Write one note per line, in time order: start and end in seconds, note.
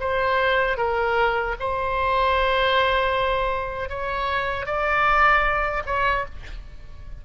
0.00 0.77 C5
0.77 1.55 A#4
1.60 3.89 C5
3.89 4.66 C#5
4.66 5.83 D5
5.86 6.25 C#5